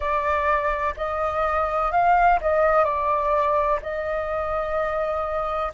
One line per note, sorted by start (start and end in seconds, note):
0.00 0.94 D5
0.96 1.91 D#5
1.91 2.39 F5
2.41 2.84 D#5
2.84 3.79 D5
3.81 5.72 D#5